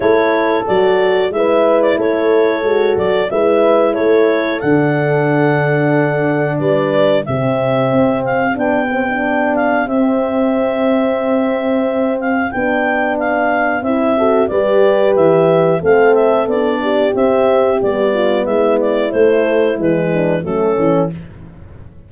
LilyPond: <<
  \new Staff \with { instrumentName = "clarinet" } { \time 4/4 \tempo 4 = 91 cis''4 d''4 e''8. d''16 cis''4~ | cis''8 d''8 e''4 cis''4 fis''4~ | fis''2 d''4 e''4~ | e''8 f''8 g''4. f''8 e''4~ |
e''2~ e''8 f''8 g''4 | f''4 e''4 d''4 e''4 | f''8 e''8 d''4 e''4 d''4 | e''8 d''8 c''4 b'4 a'4 | }
  \new Staff \with { instrumentName = "horn" } { \time 4/4 a'2 b'4 a'4~ | a'4 b'4 a'2~ | a'2 b'4 g'4~ | g'1~ |
g'1~ | g'4. a'8 b'2 | a'4. g'2 f'8 | e'2~ e'8 d'8 cis'4 | }
  \new Staff \with { instrumentName = "horn" } { \time 4/4 e'4 fis'4 e'2 | fis'4 e'2 d'4~ | d'2. c'4~ | c'4 d'8 c'16 d'4~ d'16 c'4~ |
c'2. d'4~ | d'4 e'8 fis'8 g'2 | c'4 d'4 c'4 b4~ | b4 a4 gis4 a8 cis'8 | }
  \new Staff \with { instrumentName = "tuba" } { \time 4/4 a4 fis4 gis4 a4 | gis8 fis8 gis4 a4 d4~ | d2 g4 c4 | c'4 b2 c'4~ |
c'2. b4~ | b4 c'4 g4 e4 | a4 b4 c'4 g4 | gis4 a4 e4 fis8 e8 | }
>>